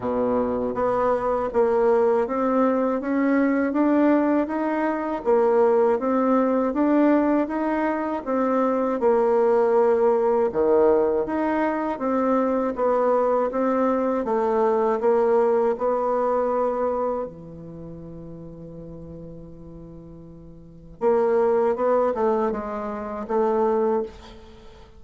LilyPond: \new Staff \with { instrumentName = "bassoon" } { \time 4/4 \tempo 4 = 80 b,4 b4 ais4 c'4 | cis'4 d'4 dis'4 ais4 | c'4 d'4 dis'4 c'4 | ais2 dis4 dis'4 |
c'4 b4 c'4 a4 | ais4 b2 e4~ | e1 | ais4 b8 a8 gis4 a4 | }